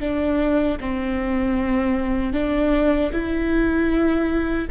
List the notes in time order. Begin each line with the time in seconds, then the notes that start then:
0.00 D4
0.81 C4
2.33 D4
3.12 E4